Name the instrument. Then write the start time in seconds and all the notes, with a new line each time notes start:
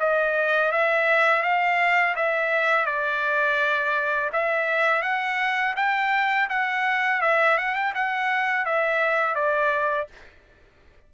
trumpet
0.00 D#5
0.72 E5
1.43 F5
2.16 E5
2.86 D5
4.33 E5
5.03 F#5
5.77 G5
6.50 F#5
7.22 E5
7.58 F#5
7.75 G5
7.95 F#5
8.66 E5
9.35 D5